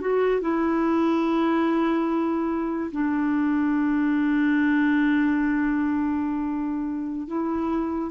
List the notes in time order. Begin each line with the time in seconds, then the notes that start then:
0.00 F#4
0.41 E4
2.92 D4
7.27 E4